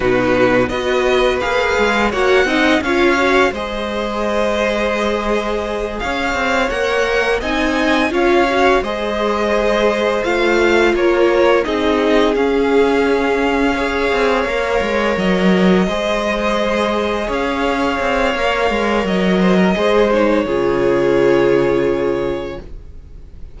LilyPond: <<
  \new Staff \with { instrumentName = "violin" } { \time 4/4 \tempo 4 = 85 b'4 dis''4 f''4 fis''4 | f''4 dis''2.~ | dis''8 f''4 fis''4 gis''4 f''8~ | f''8 dis''2 f''4 cis''8~ |
cis''8 dis''4 f''2~ f''8~ | f''4. dis''2~ dis''8~ | dis''8 f''2~ f''8 dis''4~ | dis''8 cis''2.~ cis''8 | }
  \new Staff \with { instrumentName = "violin" } { \time 4/4 fis'4 b'2 cis''8 dis''8 | cis''4 c''2.~ | c''8 cis''2 dis''4 cis''8~ | cis''8 c''2. ais'8~ |
ais'8 gis'2. cis''8~ | cis''2~ cis''8 c''4.~ | c''8 cis''2. c''16 ais'16 | c''4 gis'2. | }
  \new Staff \with { instrumentName = "viola" } { \time 4/4 dis'4 fis'4 gis'4 fis'8 dis'8 | f'8 fis'8 gis'2.~ | gis'4. ais'4 dis'4 f'8 | fis'8 gis'2 f'4.~ |
f'8 dis'4 cis'2 gis'8~ | gis'8 ais'2 gis'4.~ | gis'2 ais'2 | gis'8 dis'8 f'2. | }
  \new Staff \with { instrumentName = "cello" } { \time 4/4 b,4 b4 ais8 gis8 ais8 c'8 | cis'4 gis2.~ | gis8 cis'8 c'8 ais4 c'4 cis'8~ | cis'8 gis2 a4 ais8~ |
ais8 c'4 cis'2~ cis'8 | c'8 ais8 gis8 fis4 gis4.~ | gis8 cis'4 c'8 ais8 gis8 fis4 | gis4 cis2. | }
>>